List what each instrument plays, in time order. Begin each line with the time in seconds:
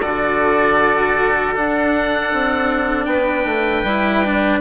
0.00 bassoon D3, cello F#4, trumpet A4, oboe D5
1.54 cello D4, bassoon D4, oboe F#5
2.32 bassoon C4
3.05 bassoon B3, trumpet B4, oboe G5
3.45 bassoon A3
3.83 bassoon G3, cello E4
4.24 cello D4